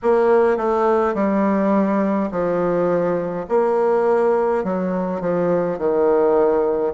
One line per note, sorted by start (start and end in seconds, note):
0.02 0.57 A#3
0.57 1.14 A3
1.14 2.30 G3
2.31 3.46 F3
3.49 4.64 A#3
4.64 5.20 F#3
5.20 5.78 F3
5.78 6.93 D#3